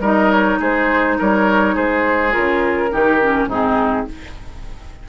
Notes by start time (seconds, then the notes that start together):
0.00 G3 D#4 A#4 D#5
0.31 C#5
0.59 G#3 G#4 C5
1.18 G3 A#4 C#5
1.75 G#3 G#4 C5
2.31 C#3 F4 A#4
2.92 D#3 D#4 G4
3.21 C#4
3.46 G#2 C4 D#4 G#4